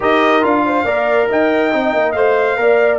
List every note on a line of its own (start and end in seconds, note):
0.00 0.43 D#4
0.00 0.42 G4
0.00 0.63 A#4
0.00 0.44 D#5
0.42 0.84 D4
0.42 0.85 F4
0.42 1.30 F5
0.65 0.85 C5
0.84 1.27 A#3
0.84 1.72 A#4
0.84 1.28 D5
1.29 1.73 D#4
1.29 2.57 D#5
1.29 2.11 G5
1.72 1.93 C4
1.72 2.14 D#4
1.93 2.14 A#3
2.11 2.57 A3
2.11 2.57 C5
2.11 2.97 F5
2.57 2.99 A#3
2.57 2.99 A#4
2.57 2.99 D5